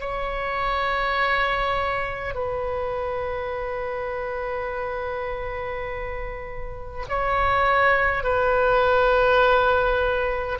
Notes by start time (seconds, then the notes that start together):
0.00 C#5
2.35 B4
7.09 C#5
8.23 B4